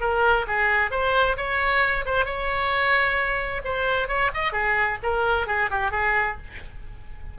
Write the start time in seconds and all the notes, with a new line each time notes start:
0.00 A#4
0.47 G#4
0.90 C5
1.36 C#5
2.05 C5
2.25 C#5
3.64 C5
4.08 C#5
4.34 D#5
4.52 G#4
5.02 A#4
5.46 G#4
5.70 G4
5.91 G#4